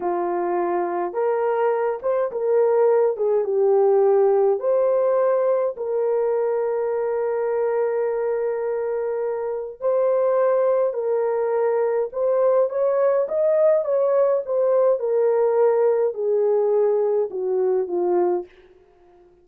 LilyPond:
\new Staff \with { instrumentName = "horn" } { \time 4/4 \tempo 4 = 104 f'2 ais'4. c''8 | ais'4. gis'8 g'2 | c''2 ais'2~ | ais'1~ |
ais'4 c''2 ais'4~ | ais'4 c''4 cis''4 dis''4 | cis''4 c''4 ais'2 | gis'2 fis'4 f'4 | }